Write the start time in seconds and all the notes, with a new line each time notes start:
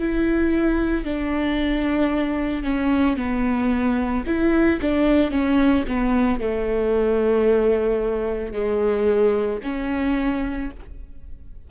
0.00 E4
1.05 D4
2.64 C#4
3.17 B3
4.27 E4
4.82 D4
5.31 C#4
5.88 B3
6.40 A3
8.53 G#3
9.64 C#4